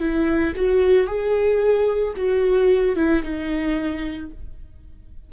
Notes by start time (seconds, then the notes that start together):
0.00 E4
0.56 F#4
1.07 G#4
2.16 F#4
2.96 E4
3.23 D#4